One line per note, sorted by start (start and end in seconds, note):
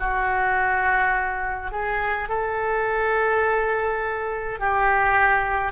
0.00 1.72 F#4
1.72 2.29 G#4
2.29 4.60 A4
4.60 5.73 G4